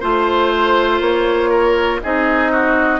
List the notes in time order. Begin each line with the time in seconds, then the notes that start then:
0.00 A3 F4 C5
1.00 A#3 C#5
1.50 A#4
2.02 C4 D#4 G#4 D#5
2.52 F#4